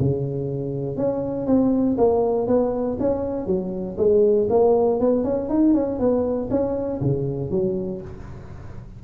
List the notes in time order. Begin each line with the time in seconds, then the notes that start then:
0.00 C#3
0.97 C#4
1.47 C4
1.98 A#3
2.48 B3
3.00 C#4
3.47 F#3
3.98 G#3
4.50 A#3
5.01 B3
5.25 C#4
5.50 D#4
5.75 C#4
6.00 B3
6.51 C#4
7.02 C#3
7.51 F#3